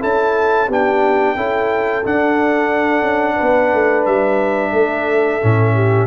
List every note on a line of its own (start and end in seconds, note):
0.00 0.69 C#4
0.00 0.67 E4
0.00 0.68 A4
0.00 0.71 A5
0.68 1.36 B3
0.68 1.36 D4
0.68 1.36 G4
0.68 2.06 G5
1.36 2.04 C#4
1.36 2.04 E4
1.36 3.35 A4
2.05 5.41 D4
2.05 3.02 D4
2.05 4.06 F#5
3.02 3.36 C#4
3.35 4.70 B4
3.41 3.74 B3
3.74 4.07 A3
4.06 4.73 G3
4.06 6.07 E5
4.73 5.40 A3
4.73 5.74 A4
5.41 6.07 A2
5.41 6.07 C#4
5.74 6.07 G4